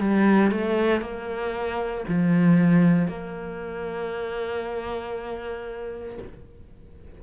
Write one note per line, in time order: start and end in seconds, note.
0.00 0.52 G3
0.52 1.02 A3
1.02 2.05 A#3
2.08 3.08 F3
3.08 6.18 A#3